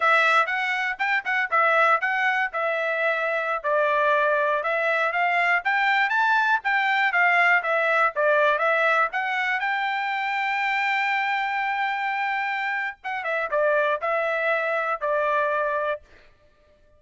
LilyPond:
\new Staff \with { instrumentName = "trumpet" } { \time 4/4 \tempo 4 = 120 e''4 fis''4 g''8 fis''8 e''4 | fis''4 e''2~ e''16 d''8.~ | d''4~ d''16 e''4 f''4 g''8.~ | g''16 a''4 g''4 f''4 e''8.~ |
e''16 d''4 e''4 fis''4 g''8.~ | g''1~ | g''2 fis''8 e''8 d''4 | e''2 d''2 | }